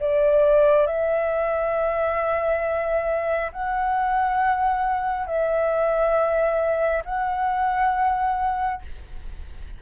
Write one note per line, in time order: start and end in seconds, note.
0.00 0.87 D5
0.87 3.52 E5
3.53 5.27 F#5
5.27 7.03 E5
7.05 8.82 F#5